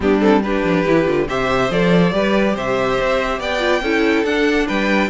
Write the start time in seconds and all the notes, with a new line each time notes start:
0.00 G3 B3 D4 G4
0.20 C4 A4
0.42 D4 G4 B4
0.63 F3
0.86 E3 E4
1.05 D3 F4
1.28 C3 G4 C5 E5
1.70 F3 A4 D5
2.12 G3 G4 B4
2.54 C3 C5 E5
3.01 C4
3.39 B3 D5 G5
3.59 F4
3.81 C#4 E4 A4
4.23 D4 F#5
4.67 G3 B4 G5